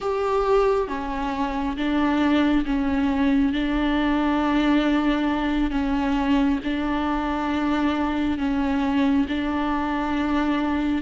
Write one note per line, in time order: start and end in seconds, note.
0.00 0.88 G4
0.88 1.76 C#4
1.76 2.65 D4
2.65 3.53 C#4
3.53 5.71 D4
5.71 6.59 C#4
6.64 8.38 D4
8.38 9.26 C#4
9.28 11.01 D4